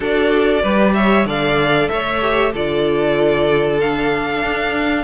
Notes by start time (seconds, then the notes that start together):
0.00 D4 F#4 A4 D5
0.62 G3 G4 B4
0.94 C#5 E5
1.25 D3 A4 D5 F5
1.88 A3 C#5 E5
2.21 G4
2.52 D3 F4 A4 D5
3.79 D4 F5
4.42 D4